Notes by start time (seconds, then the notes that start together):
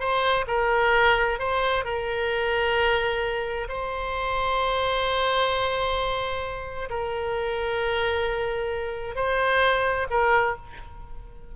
0.00 C5
0.48 A#4
1.39 C5
1.85 A#4
3.69 C5
6.90 A#4
9.16 C5
10.10 A#4